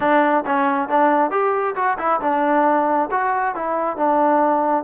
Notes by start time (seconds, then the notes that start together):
0.00 D4
0.46 C#4
0.88 D4
1.30 G4
1.75 F#4
1.98 E4
2.21 D4
3.11 F#4
3.55 E4
3.96 D4